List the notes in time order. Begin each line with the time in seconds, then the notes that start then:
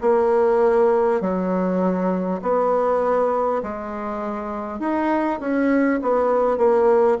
0.00 A#3
1.20 F#3
2.42 B3
3.63 G#3
4.79 D#4
5.39 C#4
6.02 B3
6.57 A#3